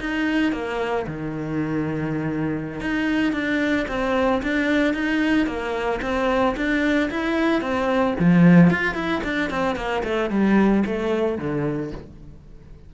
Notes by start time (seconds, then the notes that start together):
0.00 D#4
0.52 A#3
1.07 D#3
2.81 D#4
3.33 D4
3.88 C4
4.42 D4
4.94 D#4
5.46 A#3
6.02 C4
6.56 D4
7.10 E4
7.61 C4
8.19 F3
8.70 F4
8.94 E4
9.23 D4
9.50 C4
9.76 A#3
10.04 A3
10.30 G3
10.86 A3
11.38 D3